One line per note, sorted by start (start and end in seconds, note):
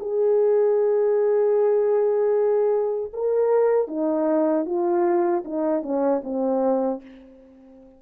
0.00 3.12 G#4
3.13 3.88 A#4
3.88 4.66 D#4
4.66 5.44 F4
5.45 5.83 D#4
5.83 6.22 C#4
6.24 7.02 C4